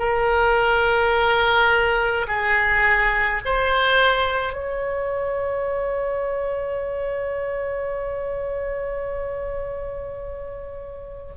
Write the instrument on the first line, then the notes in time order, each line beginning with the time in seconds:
oboe
0.00 A#4
2.28 G#4
3.46 C5
4.53 C#5